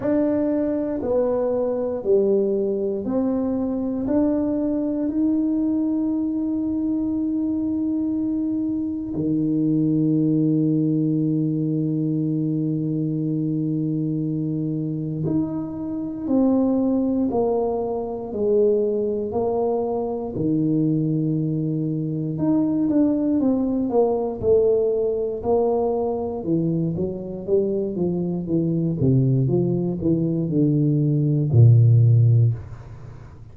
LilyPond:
\new Staff \with { instrumentName = "tuba" } { \time 4/4 \tempo 4 = 59 d'4 b4 g4 c'4 | d'4 dis'2.~ | dis'4 dis2.~ | dis2. dis'4 |
c'4 ais4 gis4 ais4 | dis2 dis'8 d'8 c'8 ais8 | a4 ais4 e8 fis8 g8 f8 | e8 c8 f8 e8 d4 ais,4 | }